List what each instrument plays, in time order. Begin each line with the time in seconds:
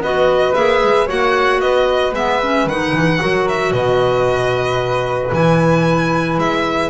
0.00 double bass B3, clarinet F#4, flute B4, violin D#5
0.54 double bass A#3, clarinet G#4, violin E5
0.83 double bass G#3
1.06 double bass A#3, clarinet F#4, flute C#5, violin F#5
1.60 double bass B3, flute B4, violin D#5
2.12 double bass G#3, clarinet B3, violin E5
2.42 clarinet C#4
2.65 double bass D#3, clarinet D#4, violin F#5
2.93 double bass E3
3.19 double bass F#3, clarinet F#4, flute A#4
3.48 violin E5
3.71 double bass B2, flute B4, violin D#5
5.32 double bass E3, clarinet E4, violin G#5
6.38 double bass G#3, violin E5